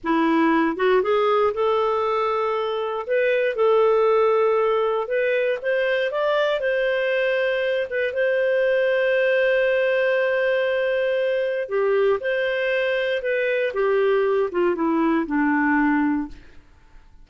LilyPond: \new Staff \with { instrumentName = "clarinet" } { \time 4/4 \tempo 4 = 118 e'4. fis'8 gis'4 a'4~ | a'2 b'4 a'4~ | a'2 b'4 c''4 | d''4 c''2~ c''8 b'8 |
c''1~ | c''2. g'4 | c''2 b'4 g'4~ | g'8 f'8 e'4 d'2 | }